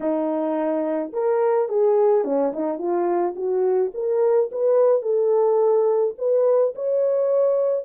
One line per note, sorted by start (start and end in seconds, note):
0.00 1.12 D#4
1.12 1.68 A#4
1.68 2.24 G#4
2.24 2.52 C#4
2.52 2.78 D#4
2.78 3.34 F4
3.35 3.91 F#4
3.94 4.50 A#4
4.51 5.01 B4
5.01 6.14 A4
6.17 6.73 B4
6.75 7.84 C#5